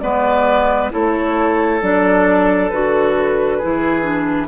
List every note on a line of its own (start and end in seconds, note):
0.00 0.91 G#3
0.00 0.90 B3
0.00 0.92 B4
0.00 0.90 D5
0.90 1.82 A3
0.90 1.80 E4
0.90 3.58 A4
0.90 1.82 C#5
1.82 2.71 F#3
1.82 2.71 D4
1.82 2.70 D5
2.70 3.62 D3
2.70 3.61 F#4
2.70 4.48 B4
3.58 4.02 E4
3.58 4.47 G#4
3.64 4.48 E3
4.02 4.47 D4